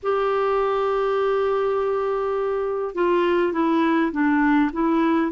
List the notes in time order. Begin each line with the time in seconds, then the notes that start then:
0.03 G4
2.94 F4
3.52 E4
4.12 D4
4.73 E4